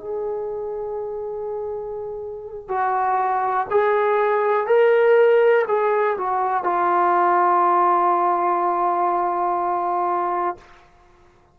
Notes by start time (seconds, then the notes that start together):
0.00 G#4
2.69 F#4
3.71 G#4
4.67 A#4
5.68 G#4
6.18 F#4
6.64 F4